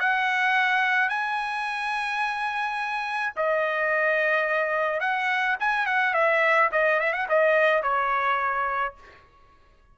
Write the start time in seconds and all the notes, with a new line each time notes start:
0.00 F#5
1.09 G#5
3.36 D#5
5.01 F#5
5.60 G#5
5.86 F#5
6.14 E5
6.72 D#5
7.00 E5
7.13 F#5
7.29 D#5
7.83 C#5